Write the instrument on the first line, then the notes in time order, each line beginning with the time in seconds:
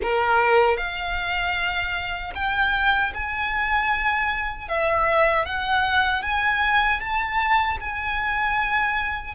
violin
0.02 A#4
0.77 F5
2.34 G5
3.13 G#5
4.68 E5
5.45 F#5
6.22 G#5
7.00 A5
7.80 G#5